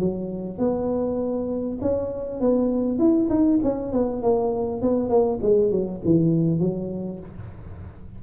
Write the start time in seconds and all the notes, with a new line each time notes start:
0.00 F#3
0.59 B3
1.81 C#4
2.41 B3
2.99 E4
3.29 D#4
3.64 C#4
3.92 B3
4.22 A#3
4.82 B3
5.09 A#3
5.42 G#3
5.71 F#3
6.04 E3
6.60 F#3